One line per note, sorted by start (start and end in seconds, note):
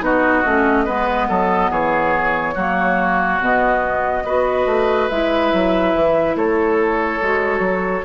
0.00 0.42 B3
0.00 0.42 D#4
0.00 0.85 F#4
0.00 1.72 D#5
0.45 0.87 A3
0.45 0.86 C#4
0.85 1.29 G#3
0.85 2.55 B3
0.85 1.27 B4
1.28 1.70 F#3
1.28 1.70 A4
1.70 2.55 E3
1.70 2.54 G#4
1.70 3.41 C#5
2.54 3.40 F#3
2.54 3.40 A#3
2.54 4.23 F#4
3.40 4.24 B2
3.40 4.24 B3
3.40 5.08 D#5
4.24 4.65 B3
4.24 5.10 F#4
4.24 6.36 B4
4.65 5.08 A3
5.08 5.52 G#3
5.08 7.21 E4
5.08 6.35 E5
5.53 5.94 F#3
5.94 6.35 E3
6.35 7.20 A3
6.35 8.04 A4
6.35 8.04 C#5
7.21 7.59 G#3
7.21 8.04 F#4
7.59 8.01 F#3